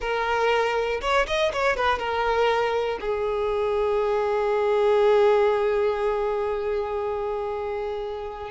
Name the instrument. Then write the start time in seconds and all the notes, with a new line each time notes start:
violin
0.00 A#4
1.01 C#5
1.27 D#5
1.52 C#5
1.76 B4
1.98 A#4
3.00 G#4